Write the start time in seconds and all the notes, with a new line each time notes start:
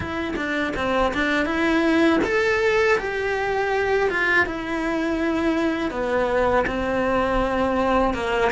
0.00 E4
0.36 D4
0.76 C4
1.13 D4
1.45 E4
2.24 A4
2.98 G4
4.09 F4
4.45 E4
5.91 B3
6.66 C4
8.13 A#3